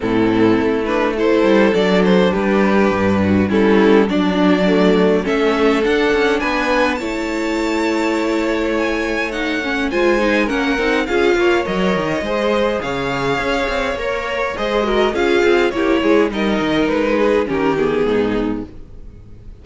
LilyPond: <<
  \new Staff \with { instrumentName = "violin" } { \time 4/4 \tempo 4 = 103 a'4. b'8 c''4 d''8 c''8 | b'2 a'4 d''4~ | d''4 e''4 fis''4 gis''4 | a''2. gis''4 |
fis''4 gis''4 fis''4 f''4 | dis''2 f''2 | cis''4 dis''4 f''4 cis''4 | dis''4 b'4 ais'8 gis'4. | }
  \new Staff \with { instrumentName = "violin" } { \time 4/4 e'2 a'2 | g'4. fis'8 e'4 d'4~ | d'4 a'2 b'4 | cis''1~ |
cis''4 c''4 ais'4 gis'8 cis''8~ | cis''4 c''4 cis''2~ | cis''4 c''8 ais'8 gis'4 g'8 gis'8 | ais'4. gis'8 g'4 dis'4 | }
  \new Staff \with { instrumentName = "viola" } { \time 4/4 c'4. d'8 e'4 d'4~ | d'2 cis'4 d'4 | a4 cis'4 d'2 | e'1 |
dis'8 cis'8 f'8 dis'8 cis'8 dis'8 f'4 | ais'4 gis'2. | ais'4 gis'8 fis'8 f'4 e'4 | dis'2 cis'8 b4. | }
  \new Staff \with { instrumentName = "cello" } { \time 4/4 a,4 a4. g8 fis4 | g4 g,4 g4 fis4~ | fis4 a4 d'8 cis'8 b4 | a1~ |
a4 gis4 ais8 c'8 cis'8 ais8 | fis8 dis8 gis4 cis4 cis'8 c'8 | ais4 gis4 cis'8 c'8 ais8 gis8 | g8 dis8 gis4 dis4 gis,4 | }
>>